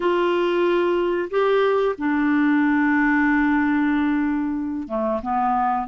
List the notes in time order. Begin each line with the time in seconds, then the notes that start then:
0.00 F4
1.30 G4
1.98 D4
4.88 A3
5.21 B3